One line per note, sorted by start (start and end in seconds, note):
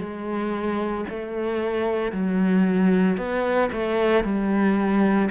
0.00 1.05 G#3
1.09 2.12 A3
2.12 3.17 F#3
3.17 3.70 B3
3.72 4.24 A3
4.24 5.30 G3